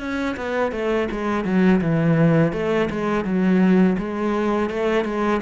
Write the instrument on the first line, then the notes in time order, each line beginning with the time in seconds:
cello
0.00 C#4
0.37 B3
0.72 A3
1.12 G#3
1.45 F#3
1.81 E3
2.53 A3
2.90 G#3
3.25 F#3
3.99 G#3
4.71 A3
5.05 G#3